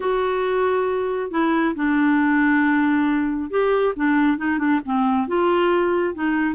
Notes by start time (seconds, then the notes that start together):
0.00 F#4
1.30 E4
1.75 D4
3.50 G4
3.96 D4
4.37 D#4
4.58 D4
4.85 C4
5.27 F4
6.14 D#4